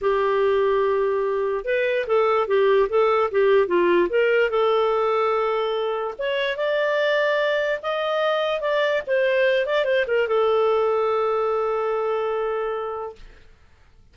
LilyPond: \new Staff \with { instrumentName = "clarinet" } { \time 4/4 \tempo 4 = 146 g'1 | b'4 a'4 g'4 a'4 | g'4 f'4 ais'4 a'4~ | a'2. cis''4 |
d''2. dis''4~ | dis''4 d''4 c''4. d''8 | c''8 ais'8 a'2.~ | a'1 | }